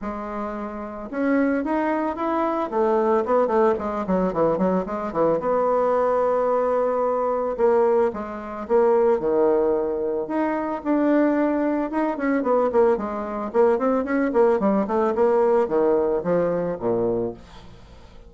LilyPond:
\new Staff \with { instrumentName = "bassoon" } { \time 4/4 \tempo 4 = 111 gis2 cis'4 dis'4 | e'4 a4 b8 a8 gis8 fis8 | e8 fis8 gis8 e8 b2~ | b2 ais4 gis4 |
ais4 dis2 dis'4 | d'2 dis'8 cis'8 b8 ais8 | gis4 ais8 c'8 cis'8 ais8 g8 a8 | ais4 dis4 f4 ais,4 | }